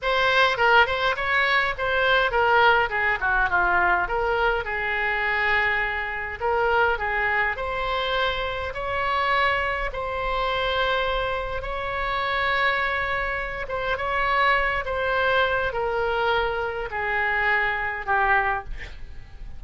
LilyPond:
\new Staff \with { instrumentName = "oboe" } { \time 4/4 \tempo 4 = 103 c''4 ais'8 c''8 cis''4 c''4 | ais'4 gis'8 fis'8 f'4 ais'4 | gis'2. ais'4 | gis'4 c''2 cis''4~ |
cis''4 c''2. | cis''2.~ cis''8 c''8 | cis''4. c''4. ais'4~ | ais'4 gis'2 g'4 | }